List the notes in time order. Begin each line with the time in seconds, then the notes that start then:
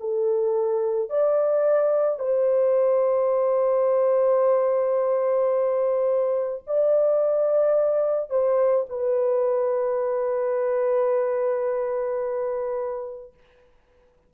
0.00 A4
1.10 D5
2.19 C5
6.67 D5
8.30 C5
8.89 B4